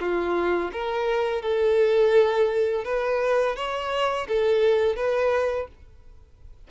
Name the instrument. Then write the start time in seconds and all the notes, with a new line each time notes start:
violin
0.00 F4
0.72 A#4
1.42 A4
2.84 B4
3.56 C#5
4.28 A4
4.96 B4